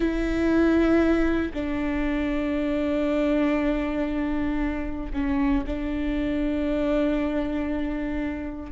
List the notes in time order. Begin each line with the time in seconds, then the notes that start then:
0.00 E4
1.53 D4
5.13 C#4
5.66 D4